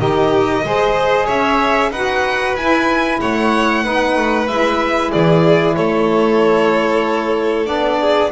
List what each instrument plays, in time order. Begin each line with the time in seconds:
0.00 double bass D#3, saxophone D#4, violin G4 D#5
0.64 double bass G#3, saxophone G#4, violin C5
1.26 double bass C#4, violin C#5 E5
1.90 double bass D#4, saxophone F#4, violin B4 F#5
2.55 double bass E4, saxophone E4, violin G#5
3.20 double bass A3, violin C#5 F#5
3.83 double bass B3, saxophone D#4, violin B4
4.17 double bass A3
4.48 double bass G#3, saxophone E4, violin E5
5.12 double bass E3, violin G#4 D5
5.76 double bass A3, violin A4 C#5
7.65 double bass B3, saxophone D4, violin D5
8.00 violin G#4